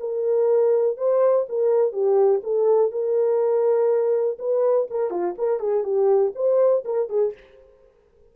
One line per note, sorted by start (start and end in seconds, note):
0.00 0.97 A#4
0.97 1.46 C5
1.49 1.92 A#4
1.92 2.41 G4
2.43 2.91 A4
2.91 4.38 A#4
4.39 4.88 B4
4.90 5.10 A#4
5.10 5.35 F4
5.38 5.59 A#4
5.59 5.83 G#4
5.83 6.32 G4
6.35 6.84 C5
6.85 7.09 A#4
7.09 7.33 G#4